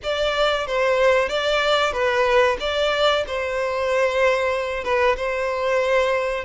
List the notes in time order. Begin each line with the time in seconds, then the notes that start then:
0.03 D5
0.66 C5
1.28 D5
1.92 B4
2.60 D5
3.27 C5
4.84 B4
5.16 C5